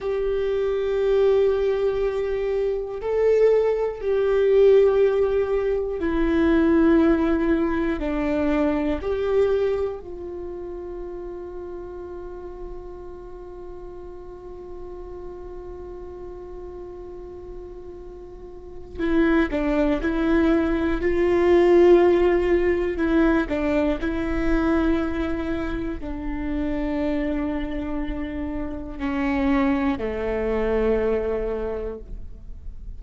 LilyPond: \new Staff \with { instrumentName = "viola" } { \time 4/4 \tempo 4 = 60 g'2. a'4 | g'2 e'2 | d'4 g'4 f'2~ | f'1~ |
f'2. e'8 d'8 | e'4 f'2 e'8 d'8 | e'2 d'2~ | d'4 cis'4 a2 | }